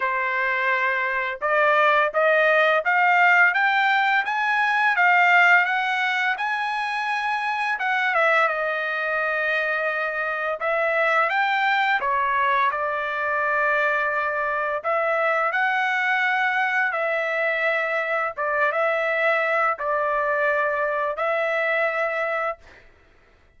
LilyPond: \new Staff \with { instrumentName = "trumpet" } { \time 4/4 \tempo 4 = 85 c''2 d''4 dis''4 | f''4 g''4 gis''4 f''4 | fis''4 gis''2 fis''8 e''8 | dis''2. e''4 |
g''4 cis''4 d''2~ | d''4 e''4 fis''2 | e''2 d''8 e''4. | d''2 e''2 | }